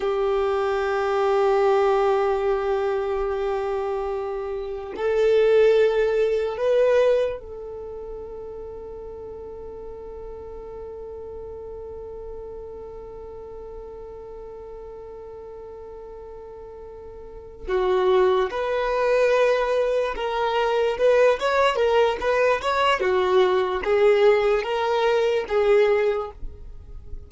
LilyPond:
\new Staff \with { instrumentName = "violin" } { \time 4/4 \tempo 4 = 73 g'1~ | g'2 a'2 | b'4 a'2.~ | a'1~ |
a'1~ | a'4. fis'4 b'4.~ | b'8 ais'4 b'8 cis''8 ais'8 b'8 cis''8 | fis'4 gis'4 ais'4 gis'4 | }